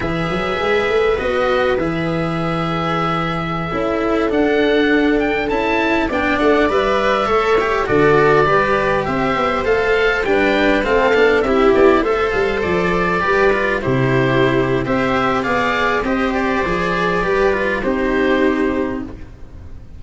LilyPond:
<<
  \new Staff \with { instrumentName = "oboe" } { \time 4/4 \tempo 4 = 101 e''2 dis''4 e''4~ | e''2.~ e''16 fis''8.~ | fis''8. g''8 a''4 g''8 fis''8 e''8.~ | e''4~ e''16 d''2 e''8.~ |
e''16 f''4 g''4 f''4 e''8 d''16~ | d''16 e''8 f''8 d''2 c''8.~ | c''4 e''4 f''4 dis''8 d''8~ | d''2 c''2 | }
  \new Staff \with { instrumentName = "viola" } { \time 4/4 b'1~ | b'2~ b'16 a'4.~ a'16~ | a'2~ a'16 d''4.~ d''16~ | d''16 cis''4 a'4 b'4 c''8.~ |
c''4~ c''16 b'4 a'4 g'8.~ | g'16 c''2 b'4 g'8.~ | g'4 c''4 d''4 c''4~ | c''4 b'4 g'2 | }
  \new Staff \with { instrumentName = "cello" } { \time 4/4 gis'2 fis'4 gis'4~ | gis'2~ gis'16 e'4 d'8.~ | d'4~ d'16 e'4 d'4 b'8.~ | b'16 a'8 g'8 fis'4 g'4.~ g'16~ |
g'16 a'4 d'4 c'8 d'8 e'8.~ | e'16 a'2 g'8 f'8 e'8.~ | e'4 g'4 gis'4 g'4 | gis'4 g'8 f'8 dis'2 | }
  \new Staff \with { instrumentName = "tuba" } { \time 4/4 e8 fis8 gis8 a8 b4 e4~ | e2~ e16 cis'4 d'8.~ | d'4~ d'16 cis'4 b8 a8 g8.~ | g16 a4 d4 g4 c'8 b16~ |
b16 a4 g4 a8 b8 c'8 b16~ | b16 a8 g8 f4 g4 c8.~ | c4 c'4 b4 c'4 | f4 g4 c'2 | }
>>